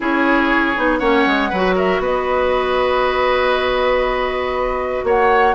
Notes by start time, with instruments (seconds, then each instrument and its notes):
0.00 bassoon C#4, clarinet E4, oboe G#4, flute C#5
0.76 bassoon B3, clarinet D#4
0.98 bassoon A#3, clarinet C#4, oboe C#5, flute F#5
1.26 bassoon G#3
1.49 bassoon F#3, clarinet F#4, oboe B4
1.75 oboe A#4, flute E5
1.99 bassoon B3, oboe B4, flute D#5
5.03 bassoon A#3, oboe C#5, flute F#5